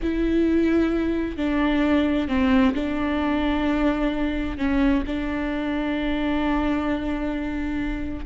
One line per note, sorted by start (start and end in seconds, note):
0.02 1.36 E4
1.36 2.28 D4
2.28 2.74 C4
2.74 4.57 D4
4.57 5.03 C#4
5.06 8.25 D4